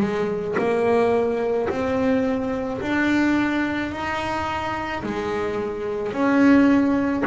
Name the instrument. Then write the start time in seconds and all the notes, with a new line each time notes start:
double bass
0.00 G#3
0.58 A#3
1.69 C4
2.81 D4
3.91 D#4
5.03 G#3
6.12 C#4